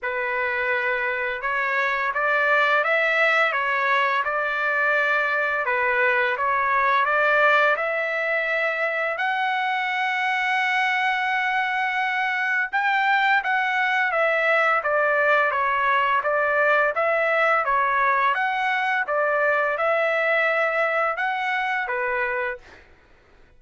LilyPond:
\new Staff \with { instrumentName = "trumpet" } { \time 4/4 \tempo 4 = 85 b'2 cis''4 d''4 | e''4 cis''4 d''2 | b'4 cis''4 d''4 e''4~ | e''4 fis''2.~ |
fis''2 g''4 fis''4 | e''4 d''4 cis''4 d''4 | e''4 cis''4 fis''4 d''4 | e''2 fis''4 b'4 | }